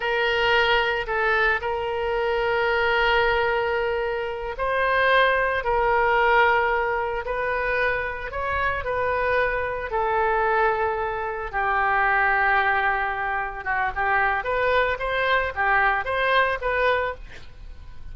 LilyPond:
\new Staff \with { instrumentName = "oboe" } { \time 4/4 \tempo 4 = 112 ais'2 a'4 ais'4~ | ais'1~ | ais'8 c''2 ais'4.~ | ais'4. b'2 cis''8~ |
cis''8 b'2 a'4.~ | a'4. g'2~ g'8~ | g'4. fis'8 g'4 b'4 | c''4 g'4 c''4 b'4 | }